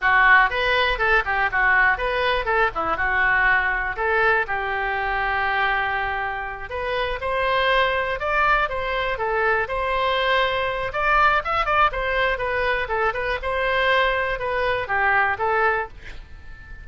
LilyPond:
\new Staff \with { instrumentName = "oboe" } { \time 4/4 \tempo 4 = 121 fis'4 b'4 a'8 g'8 fis'4 | b'4 a'8 e'8 fis'2 | a'4 g'2.~ | g'4. b'4 c''4.~ |
c''8 d''4 c''4 a'4 c''8~ | c''2 d''4 e''8 d''8 | c''4 b'4 a'8 b'8 c''4~ | c''4 b'4 g'4 a'4 | }